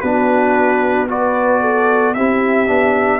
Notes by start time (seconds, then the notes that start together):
0.00 B3 D4 F#4 B4
1.08 F#4 B4 D5
1.60 A4
2.14 C4 E4 G4 E5
2.67 B3 D4